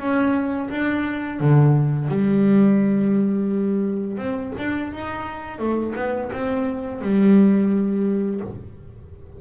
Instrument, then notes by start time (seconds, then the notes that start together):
double bass
0.00 C#4
0.70 D4
1.40 D3
2.09 G3
4.18 C4
4.58 D4
4.93 D#4
5.59 A3
5.96 B3
6.33 C4
7.02 G3